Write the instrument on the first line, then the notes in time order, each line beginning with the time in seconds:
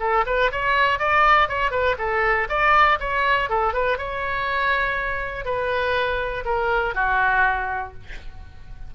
oboe
0.00 A4
0.27 B4
0.52 C#5
0.99 D5
1.49 C#5
1.71 B4
1.99 A4
2.49 D5
3.00 C#5
3.50 A4
3.74 B4
3.98 C#5
5.45 B4
6.45 A#4
6.95 F#4